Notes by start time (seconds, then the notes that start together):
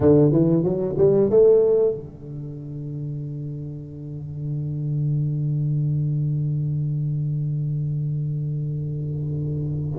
0.00 D3
0.32 E3
0.63 F#3
0.97 G3
1.30 A3
1.94 D3